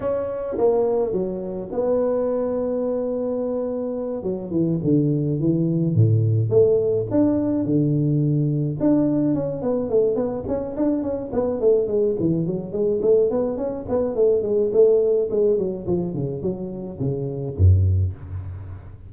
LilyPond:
\new Staff \with { instrumentName = "tuba" } { \time 4/4 \tempo 4 = 106 cis'4 ais4 fis4 b4~ | b2.~ b8 fis8 | e8 d4 e4 a,4 a8~ | a8 d'4 d2 d'8~ |
d'8 cis'8 b8 a8 b8 cis'8 d'8 cis'8 | b8 a8 gis8 e8 fis8 gis8 a8 b8 | cis'8 b8 a8 gis8 a4 gis8 fis8 | f8 cis8 fis4 cis4 fis,4 | }